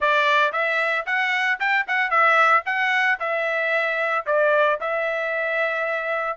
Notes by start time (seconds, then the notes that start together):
0.00 D5
0.52 E5
1.05 F#5
1.59 G5
1.87 F#5
2.10 E5
2.65 F#5
3.19 E5
4.26 D5
4.80 E5